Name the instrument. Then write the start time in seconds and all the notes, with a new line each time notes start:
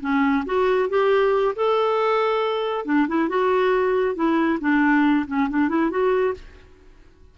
clarinet
0.00 C#4
0.45 F#4
0.89 G4
1.55 A4
2.85 D4
3.07 E4
3.28 F#4
4.15 E4
4.60 D4
5.27 C#4
5.49 D4
5.68 E4
5.90 F#4